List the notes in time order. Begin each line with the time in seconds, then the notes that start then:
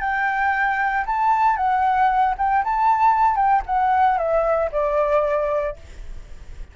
0.00 G5
1.06 A5
1.56 F#5
2.38 G5
2.64 A5
3.36 G5
3.66 F#5
4.17 E5
4.72 D5